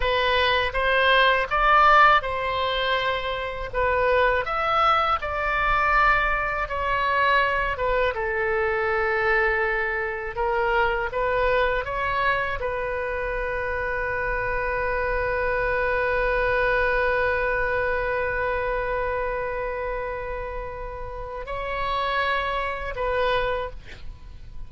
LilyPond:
\new Staff \with { instrumentName = "oboe" } { \time 4/4 \tempo 4 = 81 b'4 c''4 d''4 c''4~ | c''4 b'4 e''4 d''4~ | d''4 cis''4. b'8 a'4~ | a'2 ais'4 b'4 |
cis''4 b'2.~ | b'1~ | b'1~ | b'4 cis''2 b'4 | }